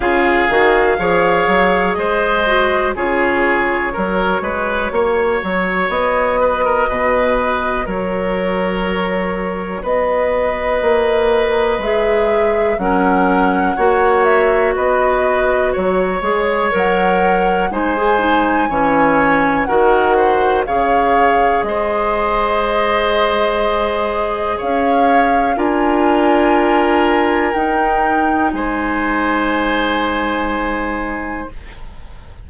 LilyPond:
<<
  \new Staff \with { instrumentName = "flute" } { \time 4/4 \tempo 4 = 61 f''2 dis''4 cis''4~ | cis''2 dis''2 | cis''2 dis''2 | e''4 fis''4. e''8 dis''4 |
cis''4 fis''4 gis''2 | fis''4 f''4 dis''2~ | dis''4 f''4 gis''2 | g''4 gis''2. | }
  \new Staff \with { instrumentName = "oboe" } { \time 4/4 gis'4 cis''4 c''4 gis'4 | ais'8 b'8 cis''4. b'16 ais'16 b'4 | ais'2 b'2~ | b'4 ais'4 cis''4 b'4 |
cis''2 c''4 cis''4 | ais'8 c''8 cis''4 c''2~ | c''4 cis''4 ais'2~ | ais'4 c''2. | }
  \new Staff \with { instrumentName = "clarinet" } { \time 4/4 f'8 fis'8 gis'4. fis'8 f'4 | fis'1~ | fis'1 | gis'4 cis'4 fis'2~ |
fis'8 gis'8 ais'4 dis'16 gis'16 dis'8 cis'4 | fis'4 gis'2.~ | gis'2 f'2 | dis'1 | }
  \new Staff \with { instrumentName = "bassoon" } { \time 4/4 cis8 dis8 f8 fis8 gis4 cis4 | fis8 gis8 ais8 fis8 b4 b,4 | fis2 b4 ais4 | gis4 fis4 ais4 b4 |
fis8 gis8 fis4 gis4 e4 | dis4 cis4 gis2~ | gis4 cis'4 d'2 | dis'4 gis2. | }
>>